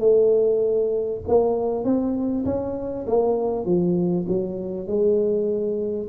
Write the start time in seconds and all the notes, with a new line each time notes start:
0.00 A3
1.28 A#3
1.85 C4
2.45 C#4
3.07 A#3
3.65 F3
4.28 F#3
4.87 G#3